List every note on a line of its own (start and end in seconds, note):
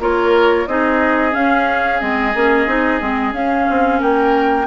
0.00 0.67 A#3
0.00 0.67 F4
0.00 0.69 A#4
0.00 0.68 C#5
0.67 1.34 C4
0.67 1.32 D#4
0.67 4.00 G#4
0.67 1.34 D#5
1.32 1.99 C#4
1.32 2.02 C#4
1.32 2.01 F5
2.00 2.35 G#3
2.00 2.33 C4
2.00 3.34 D#5
2.35 2.67 A#3
2.35 2.68 C#4
2.67 3.01 C4
2.67 3.01 D#4
3.01 3.33 G#3
3.01 3.33 C4
3.33 4.66 C#4
3.33 3.67 C#4
3.33 4.01 F5
3.70 4.01 C4
4.00 4.67 A#3
4.00 4.67 A#4
4.00 4.67 G5